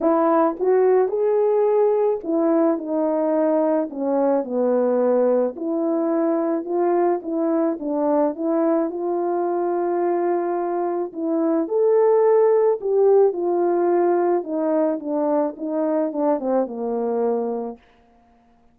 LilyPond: \new Staff \with { instrumentName = "horn" } { \time 4/4 \tempo 4 = 108 e'4 fis'4 gis'2 | e'4 dis'2 cis'4 | b2 e'2 | f'4 e'4 d'4 e'4 |
f'1 | e'4 a'2 g'4 | f'2 dis'4 d'4 | dis'4 d'8 c'8 ais2 | }